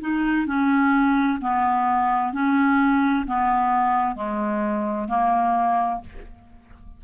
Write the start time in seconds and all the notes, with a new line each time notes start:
0.00 D#4
0.46 C#4
1.41 B3
2.32 C#4
3.26 B3
4.15 G#3
5.08 A#3